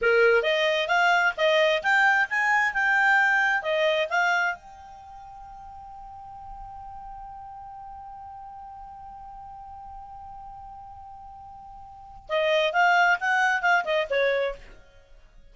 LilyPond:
\new Staff \with { instrumentName = "clarinet" } { \time 4/4 \tempo 4 = 132 ais'4 dis''4 f''4 dis''4 | g''4 gis''4 g''2 | dis''4 f''4 g''2~ | g''1~ |
g''1~ | g''1~ | g''2. dis''4 | f''4 fis''4 f''8 dis''8 cis''4 | }